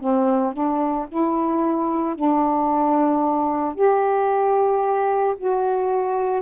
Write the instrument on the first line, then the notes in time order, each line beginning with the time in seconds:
saxophone
0.00 C4
0.53 D4
1.08 E4
2.15 D4
3.75 G4
5.37 F#4